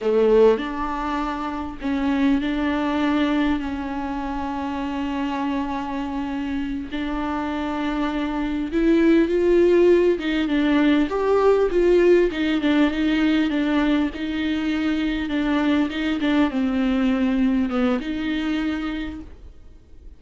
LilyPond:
\new Staff \with { instrumentName = "viola" } { \time 4/4 \tempo 4 = 100 a4 d'2 cis'4 | d'2 cis'2~ | cis'2.~ cis'8 d'8~ | d'2~ d'8 e'4 f'8~ |
f'4 dis'8 d'4 g'4 f'8~ | f'8 dis'8 d'8 dis'4 d'4 dis'8~ | dis'4. d'4 dis'8 d'8 c'8~ | c'4. b8 dis'2 | }